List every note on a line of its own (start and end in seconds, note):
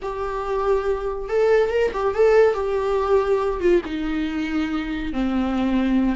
0.02 1.29 G4
1.29 1.70 A4
1.70 1.91 A#4
1.93 2.14 G4
2.14 2.54 A4
2.54 3.60 G4
3.60 3.81 F4
3.85 5.12 D#4
5.12 6.15 C4